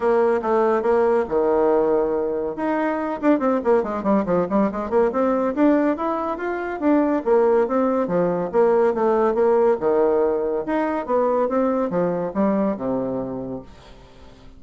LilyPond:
\new Staff \with { instrumentName = "bassoon" } { \time 4/4 \tempo 4 = 141 ais4 a4 ais4 dis4~ | dis2 dis'4. d'8 | c'8 ais8 gis8 g8 f8 g8 gis8 ais8 | c'4 d'4 e'4 f'4 |
d'4 ais4 c'4 f4 | ais4 a4 ais4 dis4~ | dis4 dis'4 b4 c'4 | f4 g4 c2 | }